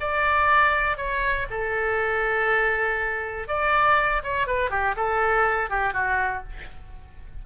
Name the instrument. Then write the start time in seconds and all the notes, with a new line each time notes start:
oboe
0.00 D5
0.97 C#5
1.50 A4
3.48 D5
4.23 C#5
4.47 B4
4.70 G4
4.96 A4
5.70 G4
5.93 F#4